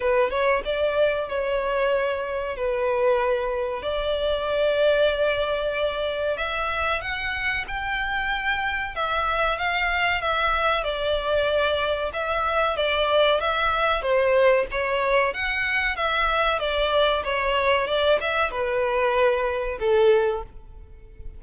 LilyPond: \new Staff \with { instrumentName = "violin" } { \time 4/4 \tempo 4 = 94 b'8 cis''8 d''4 cis''2 | b'2 d''2~ | d''2 e''4 fis''4 | g''2 e''4 f''4 |
e''4 d''2 e''4 | d''4 e''4 c''4 cis''4 | fis''4 e''4 d''4 cis''4 | d''8 e''8 b'2 a'4 | }